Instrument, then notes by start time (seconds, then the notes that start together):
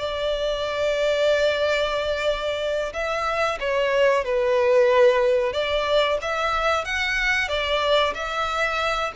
violin
0.00 D5
2.93 E5
3.60 C#5
4.25 B4
5.53 D5
6.22 E5
6.85 F#5
7.49 D5
8.15 E5